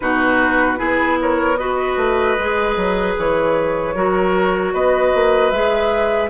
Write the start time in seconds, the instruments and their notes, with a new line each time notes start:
0.00 bassoon B2, clarinet D#4, oboe F#4, flute B4
0.76 bassoon B3, clarinet E4, oboe G#4
1.21 oboe A#4, flute C#5
1.56 clarinet F#4, oboe B4, flute D#5
1.96 bassoon A3
2.38 bassoon G#3, clarinet G#4
2.76 bassoon F#3
3.18 bassoon E3, flute C#5
3.94 bassoon F#3, clarinet F#4, oboe A#4
4.73 bassoon B3, oboe B4, flute D#5
5.14 bassoon A#3
5.50 bassoon G#3, clarinet G#4, flute E5